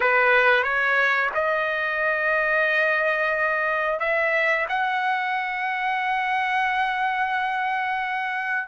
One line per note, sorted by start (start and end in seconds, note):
0.00 0.63 B4
0.63 1.30 C#5
1.34 3.99 D#5
3.99 4.66 E5
4.68 8.67 F#5